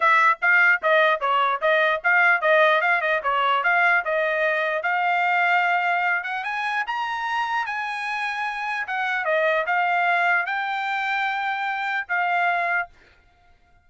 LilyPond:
\new Staff \with { instrumentName = "trumpet" } { \time 4/4 \tempo 4 = 149 e''4 f''4 dis''4 cis''4 | dis''4 f''4 dis''4 f''8 dis''8 | cis''4 f''4 dis''2 | f''2.~ f''8 fis''8 |
gis''4 ais''2 gis''4~ | gis''2 fis''4 dis''4 | f''2 g''2~ | g''2 f''2 | }